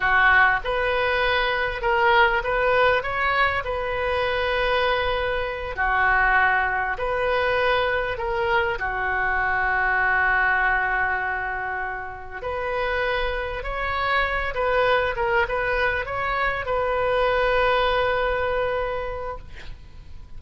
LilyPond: \new Staff \with { instrumentName = "oboe" } { \time 4/4 \tempo 4 = 99 fis'4 b'2 ais'4 | b'4 cis''4 b'2~ | b'4. fis'2 b'8~ | b'4. ais'4 fis'4.~ |
fis'1~ | fis'8 b'2 cis''4. | b'4 ais'8 b'4 cis''4 b'8~ | b'1 | }